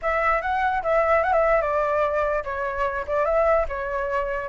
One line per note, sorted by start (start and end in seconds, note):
0.02 0.41 E5
0.41 0.82 F#5
0.82 1.23 E5
1.23 1.33 F#5
1.33 1.61 E5
1.61 2.43 D5
2.44 3.05 C#5
3.07 3.25 D5
3.25 3.65 E5
3.68 4.49 C#5